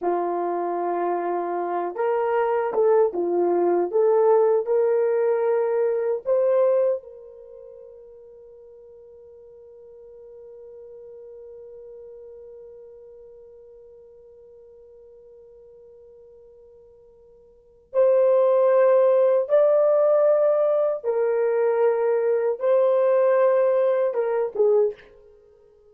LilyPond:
\new Staff \with { instrumentName = "horn" } { \time 4/4 \tempo 4 = 77 f'2~ f'8 ais'4 a'8 | f'4 a'4 ais'2 | c''4 ais'2.~ | ais'1~ |
ais'1~ | ais'2. c''4~ | c''4 d''2 ais'4~ | ais'4 c''2 ais'8 gis'8 | }